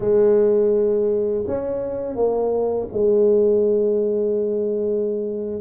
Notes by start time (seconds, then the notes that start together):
0.00 G#3
1.47 C#4
2.15 A#3
2.92 G#3